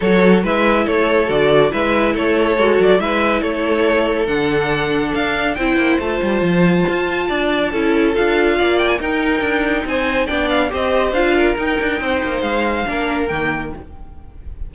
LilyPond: <<
  \new Staff \with { instrumentName = "violin" } { \time 4/4 \tempo 4 = 140 cis''4 e''4 cis''4 d''4 | e''4 cis''4. d''8 e''4 | cis''2 fis''2 | f''4 g''4 a''2~ |
a''2. f''4~ | f''8 g''16 gis''16 g''2 gis''4 | g''8 f''8 dis''4 f''4 g''4~ | g''4 f''2 g''4 | }
  \new Staff \with { instrumentName = "violin" } { \time 4/4 a'4 b'4 a'2 | b'4 a'2 b'4 | a'1~ | a'4 c''2.~ |
c''4 d''4 a'2 | d''4 ais'2 c''4 | d''4 c''4. ais'4. | c''2 ais'2 | }
  \new Staff \with { instrumentName = "viola" } { \time 4/4 fis'4 e'2 fis'4 | e'2 fis'4 e'4~ | e'2 d'2~ | d'4 e'4 f'2~ |
f'2 e'4 f'4~ | f'4 dis'2. | d'4 g'4 f'4 dis'4~ | dis'2 d'4 ais4 | }
  \new Staff \with { instrumentName = "cello" } { \time 4/4 fis4 gis4 a4 d4 | gis4 a4 gis8 fis8 gis4 | a2 d2 | d'4 c'8 ais8 a8 g8 f4 |
f'4 d'4 cis'4 d'4 | ais4 dis'4 d'4 c'4 | b4 c'4 d'4 dis'8 d'8 | c'8 ais8 gis4 ais4 dis4 | }
>>